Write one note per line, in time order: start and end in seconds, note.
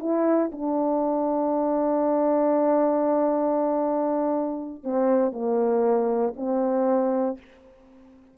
0.00 0.51 E4
0.52 4.84 D4
4.84 5.33 C4
5.33 6.34 A#3
6.36 7.38 C4